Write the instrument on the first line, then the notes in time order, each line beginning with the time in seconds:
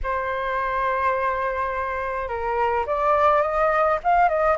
flute
0.03 C5
2.28 A#4
2.86 D5
3.41 D#5
4.03 F5
4.28 D#5